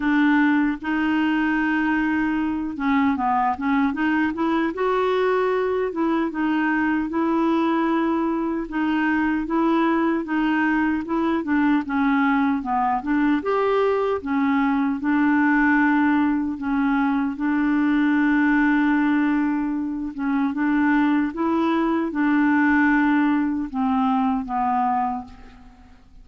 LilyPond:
\new Staff \with { instrumentName = "clarinet" } { \time 4/4 \tempo 4 = 76 d'4 dis'2~ dis'8 cis'8 | b8 cis'8 dis'8 e'8 fis'4. e'8 | dis'4 e'2 dis'4 | e'4 dis'4 e'8 d'8 cis'4 |
b8 d'8 g'4 cis'4 d'4~ | d'4 cis'4 d'2~ | d'4. cis'8 d'4 e'4 | d'2 c'4 b4 | }